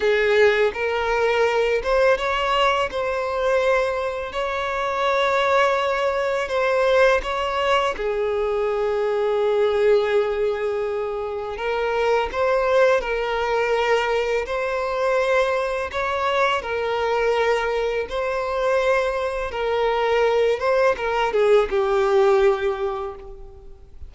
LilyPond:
\new Staff \with { instrumentName = "violin" } { \time 4/4 \tempo 4 = 83 gis'4 ais'4. c''8 cis''4 | c''2 cis''2~ | cis''4 c''4 cis''4 gis'4~ | gis'1 |
ais'4 c''4 ais'2 | c''2 cis''4 ais'4~ | ais'4 c''2 ais'4~ | ais'8 c''8 ais'8 gis'8 g'2 | }